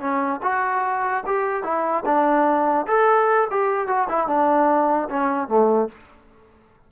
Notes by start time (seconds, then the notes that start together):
0.00 C#4
0.43 F#4
1.26 G4
1.63 E4
2.05 D4
2.87 A4
3.50 G4
3.87 F#4
4.09 E4
4.27 D4
5.09 C#4
5.48 A3